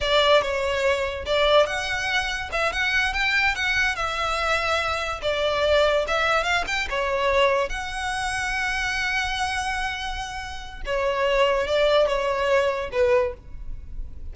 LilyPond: \new Staff \with { instrumentName = "violin" } { \time 4/4 \tempo 4 = 144 d''4 cis''2 d''4 | fis''2 e''8 fis''4 g''8~ | g''8 fis''4 e''2~ e''8~ | e''8 d''2 e''4 f''8 |
g''8 cis''2 fis''4.~ | fis''1~ | fis''2 cis''2 | d''4 cis''2 b'4 | }